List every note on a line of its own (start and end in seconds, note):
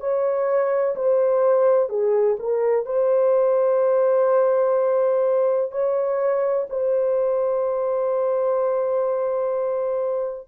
0.00 0.95 C#5
0.95 1.89 C5
1.89 2.37 G#4
2.39 2.86 A#4
2.86 5.71 C5
5.71 6.67 C#5
6.69 10.48 C5